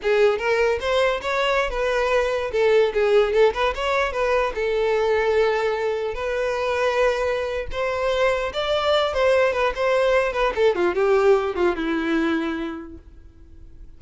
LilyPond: \new Staff \with { instrumentName = "violin" } { \time 4/4 \tempo 4 = 148 gis'4 ais'4 c''4 cis''4~ | cis''16 b'2 a'4 gis'8.~ | gis'16 a'8 b'8 cis''4 b'4 a'8.~ | a'2.~ a'16 b'8.~ |
b'2. c''4~ | c''4 d''4. c''4 b'8 | c''4. b'8 a'8 f'8 g'4~ | g'8 f'8 e'2. | }